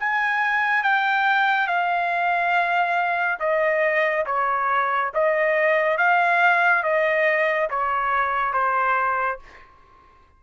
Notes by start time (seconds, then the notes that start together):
0.00 G#5
0.84 G5
1.68 F5
3.40 D#5
4.27 C#5
5.14 D#5
5.98 F5
6.84 D#5
7.71 C#5
8.54 C5